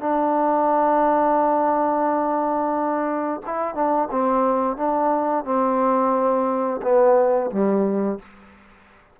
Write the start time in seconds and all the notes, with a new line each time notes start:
0.00 D4
3.46 E4
3.75 D4
4.11 C4
4.77 D4
5.45 C4
6.82 B3
7.51 G3